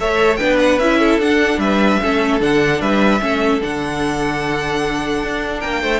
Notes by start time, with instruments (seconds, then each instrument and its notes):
0.00 cello A3, viola A4, violin C#5 E5
0.36 cello B3, viola D4, violin B4 G5
0.59 violin F#5
0.79 cello C#4, viola E4, violin E5
0.98 violin A4
1.19 cello D4, viola D4, violin F#5
1.58 cello G3, violin B4 E5
2.02 cello A3, viola C#4, violin A4
2.40 cello D3, viola D4, violin F#5
2.80 cello G3, violin B4 E5
3.20 cello A3, viola C#4, violin A4
3.61 cello D3, viola D4, violin F#5
5.24 cello D4
5.60 cello A#3, violin A#4 G5
5.81 cello A3, violin C5